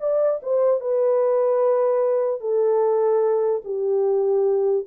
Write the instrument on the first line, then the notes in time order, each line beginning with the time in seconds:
horn
0.00 D5
0.42 C5
0.80 B4
2.40 A4
3.64 G4